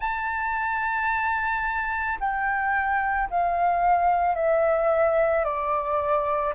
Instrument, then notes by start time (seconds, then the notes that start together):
flute
0.00 A5
2.20 G5
3.30 F5
4.35 E5
5.44 D5